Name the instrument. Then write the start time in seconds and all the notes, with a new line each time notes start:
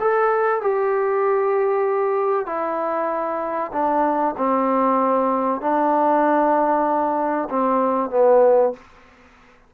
trombone
0.00 A4
0.61 G4
2.46 E4
3.72 D4
4.38 C4
5.61 D4
7.50 C4
8.10 B3